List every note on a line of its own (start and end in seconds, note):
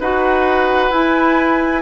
0.00 0.91 D#4
0.00 0.92 F#4
0.00 1.82 B4
0.00 0.92 F#5
0.91 1.82 E4
0.91 1.82 G#5